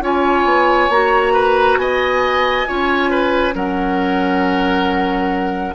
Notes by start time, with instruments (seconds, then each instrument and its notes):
0.00 bassoon C#4, clarinet F4, oboe C#5, flute G#5
0.44 bassoon B3
0.89 bassoon A#3, clarinet F#4, flute A#5
1.33 oboe B4
1.77 bassoon B3, oboe D#5, flute G#5
2.67 bassoon C#4, clarinet F4, oboe C#5
3.10 oboe B4
3.53 bassoon F#3, clarinet C#4, oboe A#4, flute F#5